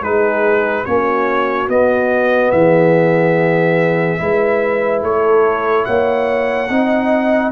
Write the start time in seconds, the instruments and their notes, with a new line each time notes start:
0.00 tuba G#3, trombone D#4, horn G#4, trumpet B4
0.85 tuba A#3, trombone C#4, horn F#4, trumpet C#5
1.68 tuba B3, trombone B3, trumpet D#5
2.51 tuba E3, horn G#4, trumpet E5
4.19 tuba G#3, trombone E4, horn B4
5.02 tuba A3, horn A4, trumpet C#5
5.85 tuba A#3, horn C#5, trumpet F#5
6.69 tuba C4, trombone D#4, horn D#5